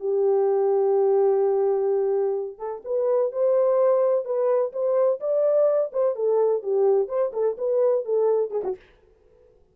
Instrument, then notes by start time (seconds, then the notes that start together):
horn
0.00 G4
2.58 A4
2.85 B4
3.32 C5
4.25 B4
4.73 C5
5.20 D5
5.93 C5
6.15 A4
6.63 G4
7.08 C5
7.33 A4
7.58 B4
8.05 A4
8.51 G#4
8.64 F#4